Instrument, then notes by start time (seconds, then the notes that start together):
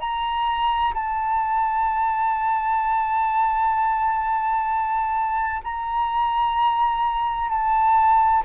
flute
0.00 A#5
0.94 A5
5.64 A#5
7.50 A5